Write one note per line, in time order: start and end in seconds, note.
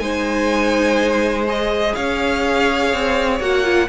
0.00 1.94 G#3
0.00 1.46 D#4
0.00 1.96 C5
0.00 1.45 G#5
1.48 3.41 G#4
1.48 1.95 D#5
1.95 2.93 C#4
1.95 3.89 C#5
1.95 3.40 F5
2.93 3.40 C4
3.40 3.89 A#3
3.40 3.64 F#4
3.40 3.89 F#5
3.64 3.88 F4